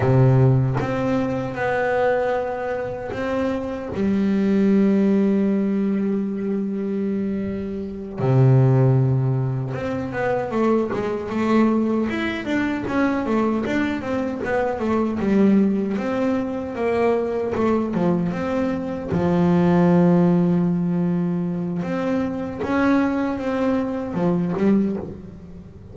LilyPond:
\new Staff \with { instrumentName = "double bass" } { \time 4/4 \tempo 4 = 77 c4 c'4 b2 | c'4 g2.~ | g2~ g8 c4.~ | c8 c'8 b8 a8 gis8 a4 e'8 |
d'8 cis'8 a8 d'8 c'8 b8 a8 g8~ | g8 c'4 ais4 a8 f8 c'8~ | c'8 f2.~ f8 | c'4 cis'4 c'4 f8 g8 | }